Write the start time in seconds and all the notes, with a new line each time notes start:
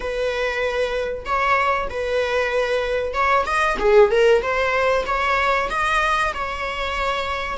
0.00 B4
1.25 C#5
1.89 B4
3.13 C#5
3.45 D#5
3.79 G#4
4.11 A#4
4.42 C5
5.06 C#5
5.69 D#5
6.33 C#5